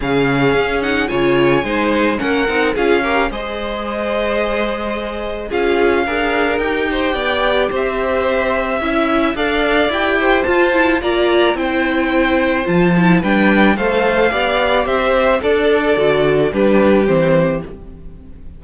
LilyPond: <<
  \new Staff \with { instrumentName = "violin" } { \time 4/4 \tempo 4 = 109 f''4. fis''8 gis''2 | fis''4 f''4 dis''2~ | dis''2 f''2 | g''2 e''2~ |
e''4 f''4 g''4 a''4 | ais''4 g''2 a''4 | g''4 f''2 e''4 | d''2 b'4 c''4 | }
  \new Staff \with { instrumentName = "violin" } { \time 4/4 gis'2 cis''4 c''4 | ais'4 gis'8 ais'8 c''2~ | c''2 gis'4 ais'4~ | ais'8 c''8 d''4 c''2 |
e''4 d''4. c''4. | d''4 c''2. | b'4 c''4 d''4 c''4 | a'2 g'2 | }
  \new Staff \with { instrumentName = "viola" } { \time 4/4 cis'4. dis'8 f'4 dis'4 | cis'8 dis'8 f'8 g'8 gis'2~ | gis'2 f'4 gis'4 | g'1 |
e'4 a'4 g'4 f'8 e'8 | f'4 e'2 f'8 e'8 | d'4 a'4 g'2 | a'4 fis'4 d'4 c'4 | }
  \new Staff \with { instrumentName = "cello" } { \time 4/4 cis4 cis'4 cis4 gis4 | ais8 c'8 cis'4 gis2~ | gis2 cis'4 d'4 | dis'4 b4 c'2 |
cis'4 d'4 e'4 f'4 | ais4 c'2 f4 | g4 a4 b4 c'4 | d'4 d4 g4 e4 | }
>>